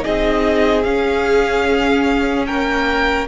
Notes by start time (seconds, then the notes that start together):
0.00 D#4 G#4 D#5
0.07 C4
0.83 C#4 F5
2.46 A#3 A#4 G5